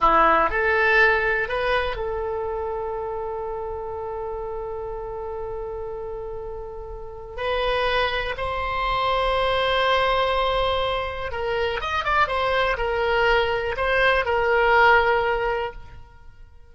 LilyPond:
\new Staff \with { instrumentName = "oboe" } { \time 4/4 \tempo 4 = 122 e'4 a'2 b'4 | a'1~ | a'1~ | a'2. b'4~ |
b'4 c''2.~ | c''2. ais'4 | dis''8 d''8 c''4 ais'2 | c''4 ais'2. | }